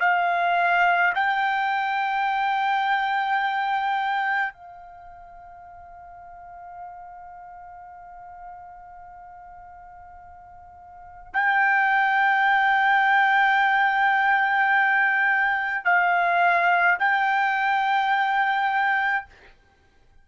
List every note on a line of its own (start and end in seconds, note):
0.00 1.13 F5
1.15 4.53 G5
4.53 11.33 F5
11.34 15.85 G5
15.85 16.98 F5
16.99 19.26 G5